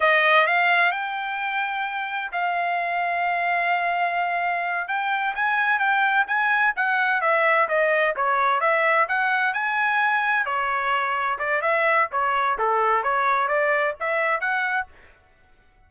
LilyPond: \new Staff \with { instrumentName = "trumpet" } { \time 4/4 \tempo 4 = 129 dis''4 f''4 g''2~ | g''4 f''2.~ | f''2~ f''8 g''4 gis''8~ | gis''8 g''4 gis''4 fis''4 e''8~ |
e''8 dis''4 cis''4 e''4 fis''8~ | fis''8 gis''2 cis''4.~ | cis''8 d''8 e''4 cis''4 a'4 | cis''4 d''4 e''4 fis''4 | }